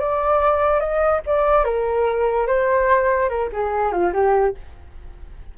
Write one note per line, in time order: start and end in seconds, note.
0.00 0.80 D5
0.80 1.22 D#5
1.26 1.65 D5
1.65 2.47 A#4
2.47 3.29 C5
3.29 3.50 A#4
3.53 3.92 G#4
3.92 4.13 F4
4.13 4.55 G4